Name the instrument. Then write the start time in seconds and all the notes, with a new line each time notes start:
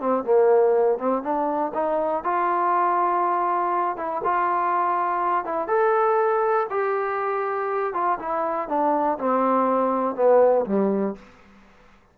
trombone
0.00 C4
0.24 A#3
0.98 C4
1.23 D4
1.74 D#4
2.24 F4
3.97 E4
4.24 F4
5.45 E4
5.68 A4
6.70 G4
7.94 F4
8.19 E4
8.69 D4
9.18 C4
10.16 B3
10.66 G3